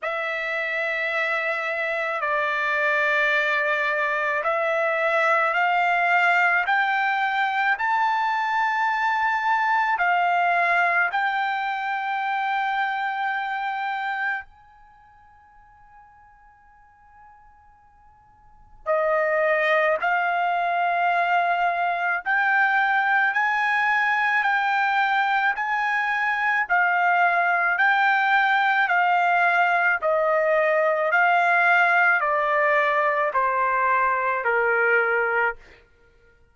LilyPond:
\new Staff \with { instrumentName = "trumpet" } { \time 4/4 \tempo 4 = 54 e''2 d''2 | e''4 f''4 g''4 a''4~ | a''4 f''4 g''2~ | g''4 gis''2.~ |
gis''4 dis''4 f''2 | g''4 gis''4 g''4 gis''4 | f''4 g''4 f''4 dis''4 | f''4 d''4 c''4 ais'4 | }